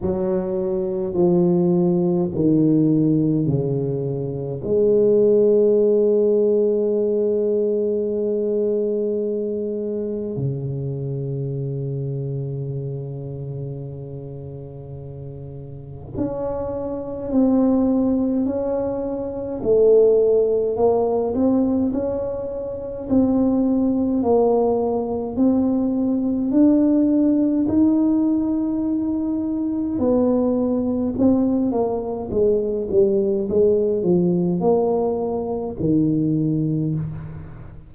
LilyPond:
\new Staff \with { instrumentName = "tuba" } { \time 4/4 \tempo 4 = 52 fis4 f4 dis4 cis4 | gis1~ | gis4 cis2.~ | cis2 cis'4 c'4 |
cis'4 a4 ais8 c'8 cis'4 | c'4 ais4 c'4 d'4 | dis'2 b4 c'8 ais8 | gis8 g8 gis8 f8 ais4 dis4 | }